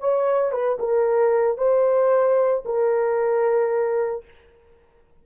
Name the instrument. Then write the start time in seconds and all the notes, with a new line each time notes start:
horn
0.00 C#5
0.51 B4
0.79 A#4
1.57 C5
2.65 A#4